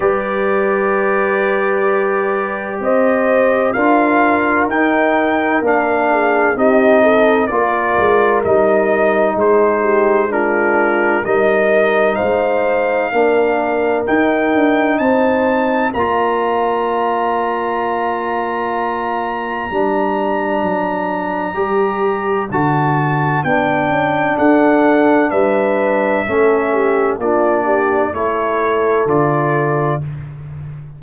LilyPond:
<<
  \new Staff \with { instrumentName = "trumpet" } { \time 4/4 \tempo 4 = 64 d''2. dis''4 | f''4 g''4 f''4 dis''4 | d''4 dis''4 c''4 ais'4 | dis''4 f''2 g''4 |
a''4 ais''2.~ | ais''1 | a''4 g''4 fis''4 e''4~ | e''4 d''4 cis''4 d''4 | }
  \new Staff \with { instrumentName = "horn" } { \time 4/4 b'2. c''4 | ais'2~ ais'8 gis'8 g'8 a'8 | ais'2 gis'8 g'8 f'4 | ais'4 c''4 ais'2 |
c''4 d''2.~ | d''1~ | d''2 a'4 b'4 | a'8 g'8 f'8 g'8 a'2 | }
  \new Staff \with { instrumentName = "trombone" } { \time 4/4 g'1 | f'4 dis'4 d'4 dis'4 | f'4 dis'2 d'4 | dis'2 d'4 dis'4~ |
dis'4 f'2.~ | f'4 d'2 g'4 | fis'4 d'2. | cis'4 d'4 e'4 f'4 | }
  \new Staff \with { instrumentName = "tuba" } { \time 4/4 g2. c'4 | d'4 dis'4 ais4 c'4 | ais8 gis8 g4 gis2 | g4 gis4 ais4 dis'8 d'8 |
c'4 ais2.~ | ais4 g4 fis4 g4 | d4 b8 cis'8 d'4 g4 | a4 ais4 a4 d4 | }
>>